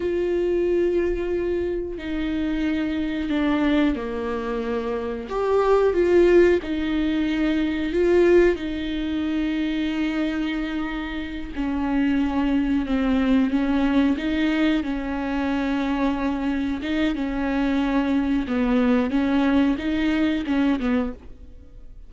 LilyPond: \new Staff \with { instrumentName = "viola" } { \time 4/4 \tempo 4 = 91 f'2. dis'4~ | dis'4 d'4 ais2 | g'4 f'4 dis'2 | f'4 dis'2.~ |
dis'4. cis'2 c'8~ | c'8 cis'4 dis'4 cis'4.~ | cis'4. dis'8 cis'2 | b4 cis'4 dis'4 cis'8 b8 | }